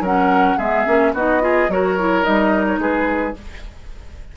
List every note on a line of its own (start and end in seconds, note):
0.00 0.56 F#3
0.00 0.59 C#4
0.00 0.57 A#4
0.00 0.58 F#5
0.57 0.86 G#3
0.57 0.86 B3
0.57 1.13 G#4
0.57 1.13 E5
0.86 1.13 A#3
0.86 1.14 C#4
1.13 1.68 B3
1.13 1.41 D#4
1.13 1.42 F#4
1.13 1.71 D#5
1.41 1.69 F4
1.41 1.71 G#4
1.68 2.24 F#3
1.68 1.99 F#4
1.68 2.80 A#4
1.68 2.24 C#5
1.99 2.23 E4
2.23 2.78 G3
2.23 3.34 D#4
2.23 2.66 D#5
2.66 2.80 C#5
2.78 3.34 G#3
2.78 3.36 G#4
2.78 3.36 B4